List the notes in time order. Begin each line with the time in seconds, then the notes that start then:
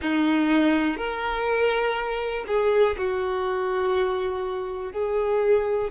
0.01 D#4
0.97 A#4
2.47 G#4
2.97 F#4
4.92 G#4